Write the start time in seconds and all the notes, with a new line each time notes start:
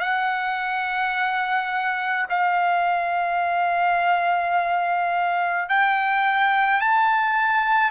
0.00 F#5
2.30 F5
5.69 G5
6.81 A5